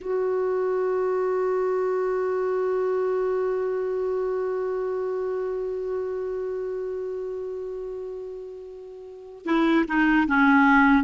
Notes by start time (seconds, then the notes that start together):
0.00 F#4
9.45 E4
9.88 D#4
10.27 C#4